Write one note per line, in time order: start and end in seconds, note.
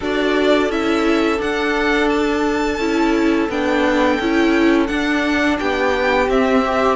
0.00 0.68 D4
0.00 0.70 F#4
0.00 5.57 A4
0.00 0.71 D5
0.68 1.38 C#4
0.68 1.37 E4
0.68 1.41 E5
1.37 2.77 D4
1.37 2.78 D4
1.37 2.09 F#5
2.09 3.48 A5
2.78 3.48 C#4
2.78 3.50 E4
3.48 4.18 B3
3.48 4.20 D4
3.48 4.86 G5
4.19 4.89 C#4
4.19 4.87 E4
4.86 6.27 D4
4.86 5.59 D4
4.86 5.56 F#5
5.59 6.28 B3
5.59 6.96 G4
5.59 6.29 G5
6.28 6.96 C4
6.28 6.63 C4
6.28 6.96 E5
6.65 6.96 G4